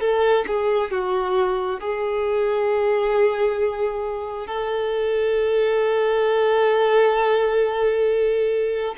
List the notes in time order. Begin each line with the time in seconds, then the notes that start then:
0.00 A4
0.47 G#4
0.91 F#4
1.80 G#4
4.47 A4